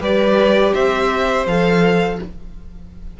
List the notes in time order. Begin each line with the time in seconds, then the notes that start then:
0.00 G3 G4 B4 D5
0.73 C4 C5 E5
1.46 F3 A4 F5